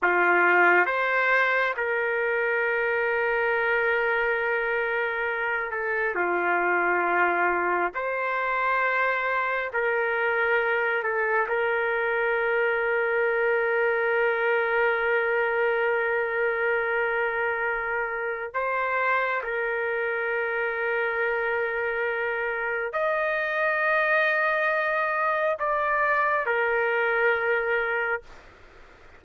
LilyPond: \new Staff \with { instrumentName = "trumpet" } { \time 4/4 \tempo 4 = 68 f'4 c''4 ais'2~ | ais'2~ ais'8 a'8 f'4~ | f'4 c''2 ais'4~ | ais'8 a'8 ais'2.~ |
ais'1~ | ais'4 c''4 ais'2~ | ais'2 dis''2~ | dis''4 d''4 ais'2 | }